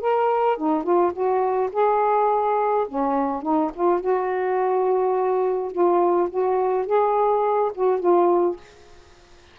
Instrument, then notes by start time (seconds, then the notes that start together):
saxophone
0.00 A#4
0.57 D#4
0.83 F4
1.12 F#4
1.72 G#4
2.88 C#4
3.42 D#4
3.74 F4
4.00 F#4
5.72 F4
6.29 F#4
6.86 G#4
7.74 F#4
7.99 F4